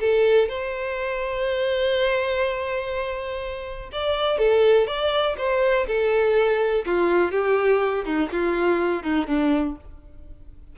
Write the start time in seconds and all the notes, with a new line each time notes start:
0.00 A4
0.49 C5
3.92 D5
4.38 A4
4.87 D5
5.38 C5
5.88 A4
6.86 F4
7.32 G4
8.05 D#4
8.32 F4
9.04 D#4
9.27 D4